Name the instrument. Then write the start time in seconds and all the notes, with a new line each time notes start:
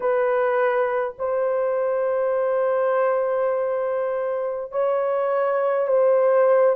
horn
0.00 B4
1.18 C5
4.71 C#5
5.87 C5